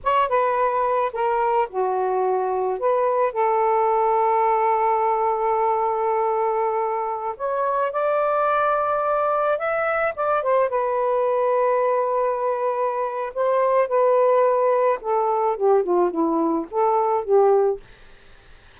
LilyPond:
\new Staff \with { instrumentName = "saxophone" } { \time 4/4 \tempo 4 = 108 cis''8 b'4. ais'4 fis'4~ | fis'4 b'4 a'2~ | a'1~ | a'4~ a'16 cis''4 d''4.~ d''16~ |
d''4~ d''16 e''4 d''8 c''8 b'8.~ | b'1 | c''4 b'2 a'4 | g'8 f'8 e'4 a'4 g'4 | }